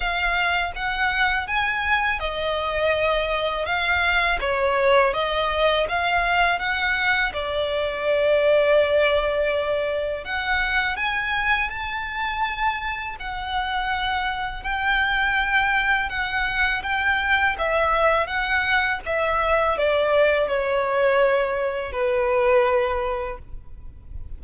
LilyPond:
\new Staff \with { instrumentName = "violin" } { \time 4/4 \tempo 4 = 82 f''4 fis''4 gis''4 dis''4~ | dis''4 f''4 cis''4 dis''4 | f''4 fis''4 d''2~ | d''2 fis''4 gis''4 |
a''2 fis''2 | g''2 fis''4 g''4 | e''4 fis''4 e''4 d''4 | cis''2 b'2 | }